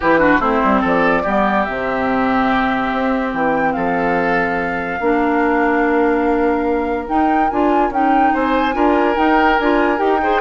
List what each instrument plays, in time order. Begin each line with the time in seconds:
0.00 bassoon E3, clarinet E4, oboe G4, flute B4
0.18 clarinet D4, oboe F#4
0.39 bassoon A3, clarinet C4, oboe E4, flute C5
0.64 bassoon G3
0.80 bassoon F3, oboe A4, flute D5
1.22 bassoon G3, clarinet B3, oboe G4
1.64 bassoon C3, clarinet C4, flute E5
2.92 bassoon C4
3.33 bassoon E3, flute G5
3.72 bassoon F3, oboe A4, flute F5
4.99 bassoon A#3, clarinet D4, oboe A#4
7.07 clarinet D#4, bassoon D#4, flute G5
7.50 bassoon D4, clarinet F4, flute G#5
7.89 bassoon C#4, clarinet D#4, flute G5
8.33 bassoon C4, oboe C5, flute G#5
8.73 bassoon D4, clarinet F4, oboe A#4
9.14 clarinet D#4, bassoon D#4, flute G5
9.58 bassoon D4, clarinet F4, flute G#5
9.97 bassoon D#4, clarinet G4, flute G5
10.21 clarinet G#4, oboe C5